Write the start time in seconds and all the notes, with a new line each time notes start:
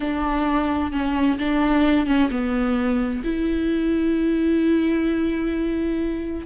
0.00 D4
0.92 C#4
1.38 D4
2.06 C#4
2.30 B3
3.23 E4